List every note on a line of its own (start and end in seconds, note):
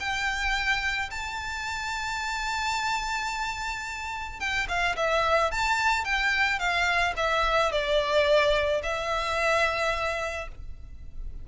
0.00 1.10 G5
1.11 4.40 A5
4.40 4.67 G5
4.69 4.96 F5
4.96 5.51 E5
5.52 6.05 A5
6.05 6.59 G5
6.59 7.14 F5
7.17 7.72 E5
7.72 8.82 D5
8.83 10.49 E5